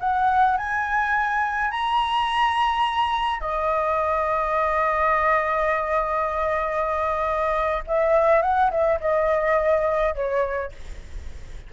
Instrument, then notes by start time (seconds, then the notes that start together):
flute
0.00 F#5
0.57 G#5
1.71 A#5
3.41 D#5
7.87 E5
8.42 F#5
8.71 E5
9.00 D#5
10.15 C#5